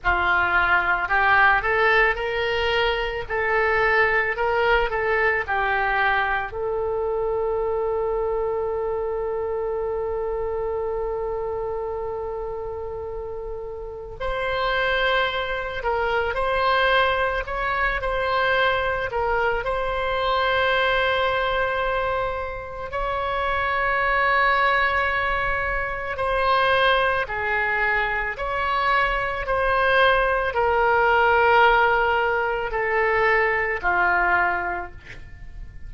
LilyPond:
\new Staff \with { instrumentName = "oboe" } { \time 4/4 \tempo 4 = 55 f'4 g'8 a'8 ais'4 a'4 | ais'8 a'8 g'4 a'2~ | a'1~ | a'4 c''4. ais'8 c''4 |
cis''8 c''4 ais'8 c''2~ | c''4 cis''2. | c''4 gis'4 cis''4 c''4 | ais'2 a'4 f'4 | }